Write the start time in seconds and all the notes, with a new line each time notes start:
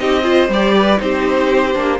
0.00 C4 D#4 G4 D#5
0.24 F4 C5
0.49 G3 G4 D5
0.77 B4
0.97 C4 D#4 C5
1.04 G4
1.74 A#3 D4